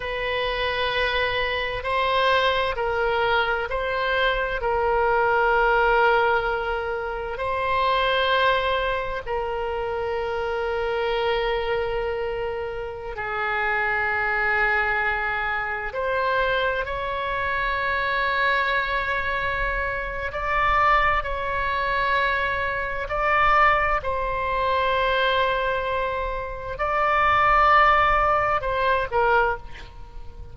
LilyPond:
\new Staff \with { instrumentName = "oboe" } { \time 4/4 \tempo 4 = 65 b'2 c''4 ais'4 | c''4 ais'2. | c''2 ais'2~ | ais'2~ ais'16 gis'4.~ gis'16~ |
gis'4~ gis'16 c''4 cis''4.~ cis''16~ | cis''2 d''4 cis''4~ | cis''4 d''4 c''2~ | c''4 d''2 c''8 ais'8 | }